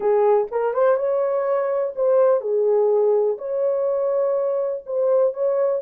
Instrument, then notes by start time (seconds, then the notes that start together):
horn
0.00 G#4
0.51 A#4
0.73 C5
0.97 C#5
1.95 C5
2.40 G#4
3.38 C#5
4.86 C5
5.33 C#5